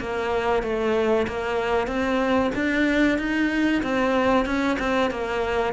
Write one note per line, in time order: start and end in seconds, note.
0.00 0.63 A#3
0.63 1.26 A3
1.27 1.87 A#3
1.87 2.51 C4
2.55 3.18 D4
3.18 3.82 D#4
3.83 4.46 C4
4.46 4.78 C#4
4.79 5.11 C4
5.11 5.73 A#3